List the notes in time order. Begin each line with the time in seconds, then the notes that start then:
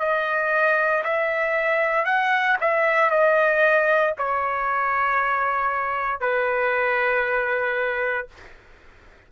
0.00 D#5
1.04 E5
2.05 F#5
2.61 E5
3.11 D#5
4.18 C#5
6.21 B4